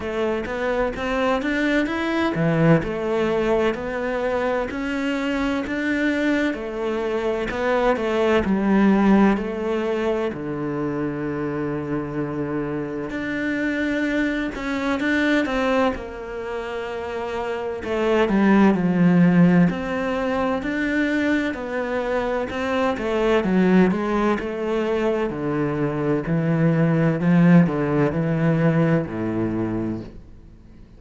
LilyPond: \new Staff \with { instrumentName = "cello" } { \time 4/4 \tempo 4 = 64 a8 b8 c'8 d'8 e'8 e8 a4 | b4 cis'4 d'4 a4 | b8 a8 g4 a4 d4~ | d2 d'4. cis'8 |
d'8 c'8 ais2 a8 g8 | f4 c'4 d'4 b4 | c'8 a8 fis8 gis8 a4 d4 | e4 f8 d8 e4 a,4 | }